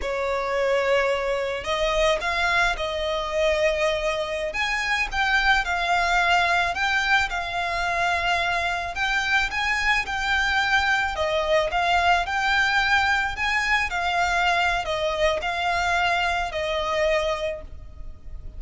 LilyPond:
\new Staff \with { instrumentName = "violin" } { \time 4/4 \tempo 4 = 109 cis''2. dis''4 | f''4 dis''2.~ | dis''16 gis''4 g''4 f''4.~ f''16~ | f''16 g''4 f''2~ f''8.~ |
f''16 g''4 gis''4 g''4.~ g''16~ | g''16 dis''4 f''4 g''4.~ g''16~ | g''16 gis''4 f''4.~ f''16 dis''4 | f''2 dis''2 | }